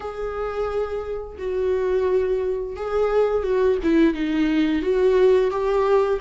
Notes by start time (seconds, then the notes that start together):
0.00 G#4
1.38 F#4
2.76 G#4
3.43 F#4
3.83 E4
4.14 D#4
4.82 F#4
5.50 G4